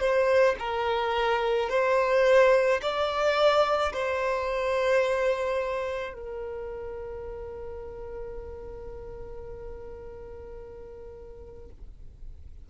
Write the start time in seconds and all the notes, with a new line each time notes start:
0.00 C5
0.59 A#4
1.70 C5
2.82 D5
3.93 C5
6.14 A#4